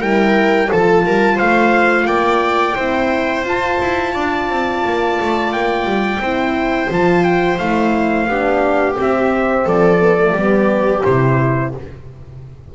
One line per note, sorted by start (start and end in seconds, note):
0.00 0.70 G3
0.00 0.69 E4
0.00 0.69 A#4
0.00 0.71 G5
0.70 1.05 F3
0.70 2.77 F4
0.70 1.05 A4
0.70 1.38 A5
1.05 1.40 G3
1.05 1.35 A#4
1.35 2.04 C5
1.35 2.07 F5
1.41 2.05 A3
2.05 2.74 A#3
2.05 2.75 D5
2.05 3.45 G5
2.75 3.44 C4
2.75 3.45 E4
2.75 4.13 C5
3.44 3.78 F4
3.44 6.21 F4
3.44 5.52 A5
3.81 4.15 E4
4.13 4.50 D4
4.13 6.20 D5
4.50 4.84 C4
4.85 5.19 A#3
5.20 5.53 A3
5.52 5.85 A#3
5.52 6.90 G5
5.85 6.19 G3
6.20 6.89 C4
6.20 6.89 E4
6.20 8.29 C5
6.89 7.60 F3
6.89 7.58 F4
6.89 7.23 A5
7.23 7.58 G5
7.58 8.28 A3
7.58 8.28 E4
7.58 8.96 F5
8.28 8.97 B3
8.28 8.95 D4
8.28 9.65 G4
8.95 9.98 C4
8.95 9.66 C4
9.01 9.68 E5
9.65 10.32 F3
9.65 10.32 A4
9.65 11.04 D5
10.00 10.18 B3
10.20 10.37 A3
10.32 11.01 G3
10.32 11.06 B3
10.32 11.70 G4
11.04 11.75 C3
11.04 11.75 E4
11.04 11.73 C5